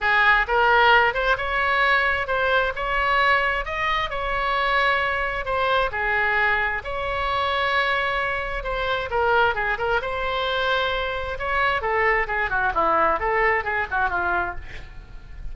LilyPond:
\new Staff \with { instrumentName = "oboe" } { \time 4/4 \tempo 4 = 132 gis'4 ais'4. c''8 cis''4~ | cis''4 c''4 cis''2 | dis''4 cis''2. | c''4 gis'2 cis''4~ |
cis''2. c''4 | ais'4 gis'8 ais'8 c''2~ | c''4 cis''4 a'4 gis'8 fis'8 | e'4 a'4 gis'8 fis'8 f'4 | }